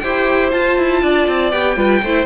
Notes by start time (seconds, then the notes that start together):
0.00 E4 G4 C5 G5
0.52 F4 A5
0.78 E4
1.03 D4 D5
1.28 C4
1.51 B3 G4 G5
1.77 G3 F4 B4
2.03 A3 E4 C5